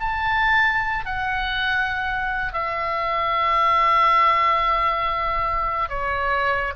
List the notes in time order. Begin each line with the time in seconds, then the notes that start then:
0.00 A5
1.06 F#5
2.54 E5
5.90 C#5